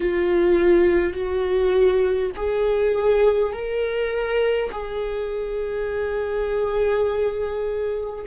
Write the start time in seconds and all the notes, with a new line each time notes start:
0.00 F4
1.13 F#4
2.35 G#4
3.52 A#4
4.71 G#4